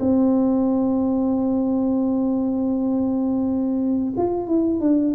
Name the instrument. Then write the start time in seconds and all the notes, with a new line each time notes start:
tuba
0.00 C4
4.17 F4
4.47 E4
4.80 D4